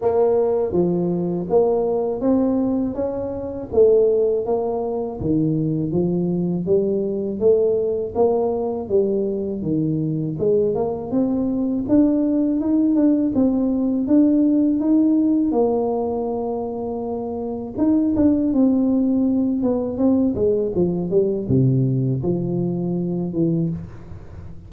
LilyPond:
\new Staff \with { instrumentName = "tuba" } { \time 4/4 \tempo 4 = 81 ais4 f4 ais4 c'4 | cis'4 a4 ais4 dis4 | f4 g4 a4 ais4 | g4 dis4 gis8 ais8 c'4 |
d'4 dis'8 d'8 c'4 d'4 | dis'4 ais2. | dis'8 d'8 c'4. b8 c'8 gis8 | f8 g8 c4 f4. e8 | }